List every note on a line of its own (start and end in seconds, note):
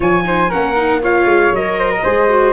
0.00 0.51 F3
0.00 0.23 F4
0.00 0.23 C#5
0.00 0.51 G#5
0.24 0.49 D#4
0.24 0.49 C5
0.49 1.25 A#3
0.49 0.76 C#4
0.49 1.00 A#4
0.49 1.02 F#5
0.76 1.01 D#4
1.02 1.53 F4
1.02 1.78 C#5
1.02 1.54 F5
1.25 1.50 G#3
1.50 2.01 F#3
1.50 2.03 A#4
1.50 2.53 D#5
1.78 1.91 C5
1.91 2.03 A#4
2.03 2.53 G#3
2.03 2.28 G#4
2.03 2.53 C5
2.28 2.53 F#4